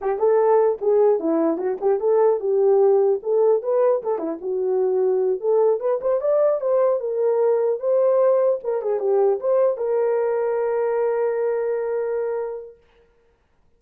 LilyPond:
\new Staff \with { instrumentName = "horn" } { \time 4/4 \tempo 4 = 150 g'8 a'4. gis'4 e'4 | fis'8 g'8 a'4 g'2 | a'4 b'4 a'8 e'8 fis'4~ | fis'4. a'4 b'8 c''8 d''8~ |
d''8 c''4 ais'2 c''8~ | c''4. ais'8 gis'8 g'4 c''8~ | c''8 ais'2.~ ais'8~ | ais'1 | }